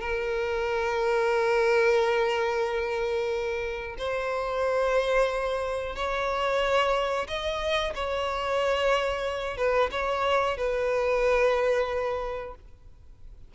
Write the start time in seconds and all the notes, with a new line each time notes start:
0.00 A#4
3.97 C5
5.95 C#5
7.27 D#5
7.94 C#5
9.57 B4
9.91 C#5
10.57 B4